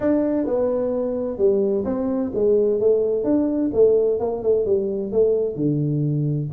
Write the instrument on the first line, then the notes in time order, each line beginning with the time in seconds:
tuba
0.00 D4
0.46 B3
1.38 G3
1.85 C4
2.34 G#3
2.79 A3
3.24 D4
3.73 A3
4.19 A#3
4.42 A3
4.65 G3
5.12 A3
5.55 D3